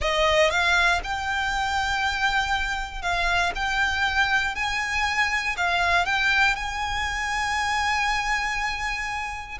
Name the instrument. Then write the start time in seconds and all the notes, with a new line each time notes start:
violin
0.01 D#5
0.50 F5
1.03 G5
3.02 F5
3.55 G5
4.55 G#5
5.56 F5
6.05 G5
6.55 G#5